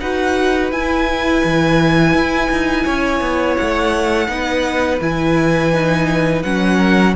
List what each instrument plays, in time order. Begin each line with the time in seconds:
0.00 cello D#4, viola F#4, violin B4 F#5
0.71 cello E4, viola E4, violin G#5
1.44 cello E3
2.13 cello E4
2.50 cello D#4
2.85 cello C#4, violin C#5
3.20 cello B3
3.56 cello A3, violin F#5
4.28 cello B3, viola D#4, violin B4
5.00 cello E3, viola E4, violin G#5
5.72 viola D#4
6.42 cello F#3, viola C#4, violin F#5
6.77 violin A#4